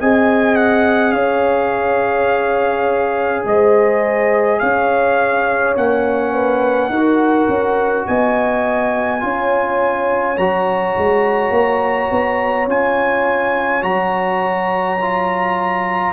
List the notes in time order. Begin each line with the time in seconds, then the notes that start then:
0.00 C4 G#4 D#5 G#5
0.56 F#5
1.12 C#4 C#5 F5
3.45 G#3 C5 D#5
4.60 C#4 C#5 F5
5.77 A#3 C#4 F#5
6.33 B4
6.89 D#4 F#4 A#4
7.48 C#4
8.07 B3 D#5 G#5
9.21 C#4 F4 C#5
10.37 F#3 F#4 A#5
10.98 G#3
11.50 A#3
12.11 B3
12.68 C#4 F4 G#5
13.82 F#3 F#4 A#5
15.01 F4